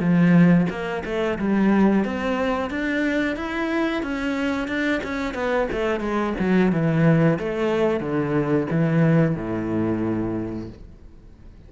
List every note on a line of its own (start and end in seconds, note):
0.00 0.67 F3
0.70 1.03 A#3
1.05 1.38 A3
1.39 2.05 G3
2.05 2.70 C4
2.70 3.36 D4
3.36 4.03 E4
4.03 4.68 C#4
4.68 5.01 D4
5.04 5.34 C#4
5.34 5.68 B3
5.72 6.00 A3
6.00 6.34 G#3
6.39 6.72 F#3
6.72 7.39 E3
7.39 8.01 A3
8.01 8.67 D3
8.71 9.36 E3
9.36 10.69 A2